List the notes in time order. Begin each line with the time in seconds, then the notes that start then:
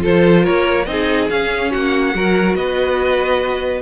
0.00 F4 A4 C5
0.06 F3
0.44 A#3 A#4 C#5
0.85 C4 D#4 G#4 D#5
1.30 C#4 F5
1.71 A#3 F#4 F#5
2.14 F#3 F#4 A#4
2.55 B3 B4 D#5